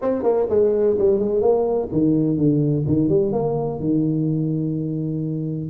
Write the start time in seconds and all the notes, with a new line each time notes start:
0.01 C4
0.23 A#3
0.49 G#3
0.98 G3
1.19 G#3
1.41 A#3
1.92 D#3
2.37 D3
2.86 D#3
3.08 G3
3.32 A#3
3.79 D#3